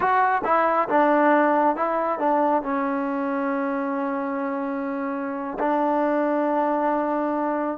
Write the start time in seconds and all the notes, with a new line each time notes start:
0.00 F#4
0.44 E4
0.88 D4
1.75 E4
2.19 D4
2.62 C#4
5.59 D4